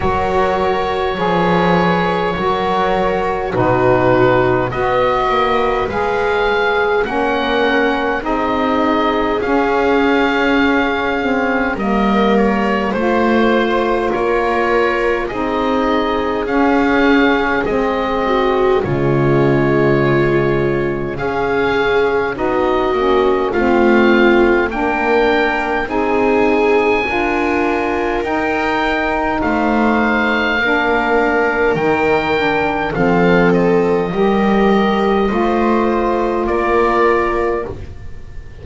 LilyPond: <<
  \new Staff \with { instrumentName = "oboe" } { \time 4/4 \tempo 4 = 51 cis''2. b'4 | dis''4 f''4 fis''4 dis''4 | f''2 dis''8 cis''8 c''4 | cis''4 dis''4 f''4 dis''4 |
cis''2 f''4 dis''4 | f''4 g''4 gis''2 | g''4 f''2 g''4 | f''8 dis''2~ dis''8 d''4 | }
  \new Staff \with { instrumentName = "viola" } { \time 4/4 ais'4 b'4 ais'4 fis'4 | b'2 ais'4 gis'4~ | gis'2 ais'4 c''4 | ais'4 gis'2~ gis'8 fis'8 |
f'2 gis'4 fis'4 | f'4 ais'4 gis'4 ais'4~ | ais'4 c''4 ais'2 | a'4 ais'4 c''4 ais'4 | }
  \new Staff \with { instrumentName = "saxophone" } { \time 4/4 fis'4 gis'4 fis'4 dis'4 | fis'4 gis'4 cis'4 dis'4 | cis'4. c'8 ais4 f'4~ | f'4 dis'4 cis'4 c'4 |
gis2 cis'4 dis'8 cis'8 | c'4 d'4 dis'4 f'4 | dis'2 d'4 dis'8 d'8 | c'4 g'4 f'2 | }
  \new Staff \with { instrumentName = "double bass" } { \time 4/4 fis4 f4 fis4 b,4 | b8 ais8 gis4 ais4 c'4 | cis'2 g4 a4 | ais4 c'4 cis'4 gis4 |
cis2 cis'4 b8 ais8 | a4 ais4 c'4 d'4 | dis'4 a4 ais4 dis4 | f4 g4 a4 ais4 | }
>>